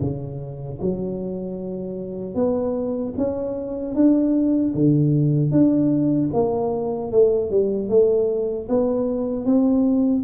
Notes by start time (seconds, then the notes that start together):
0.00 C#3
0.81 F#3
2.34 B3
3.17 C#4
3.95 D4
4.74 D3
5.51 D4
6.33 A#3
7.11 A3
7.50 G3
7.88 A3
8.69 B3
9.45 C4